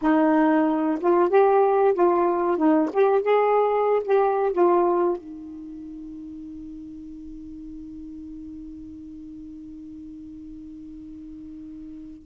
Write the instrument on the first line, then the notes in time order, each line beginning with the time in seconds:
saxophone
0.01 D#4
1.00 F4
1.29 G4
1.94 F4
2.57 D#4
2.92 G4
3.21 G#4
4.04 G4
4.52 F4
5.17 D#4